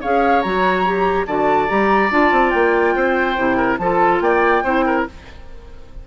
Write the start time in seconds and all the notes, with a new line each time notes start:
0.00 C#4 G#4 C#5 F5
0.41 F#3 F#4 A#5
0.85 G4
1.26 D3 F#4 D5 A5
1.68 G3 G4 A#5
2.10 D4 F4 A5
2.31 C4
2.50 A#3 G5
2.95 C4 C5
3.36 C3 E4
3.57 A#4
3.78 F3 F4 A4 A5
4.20 A#3 D5 G5
4.63 C4 E4 C5
4.86 A#4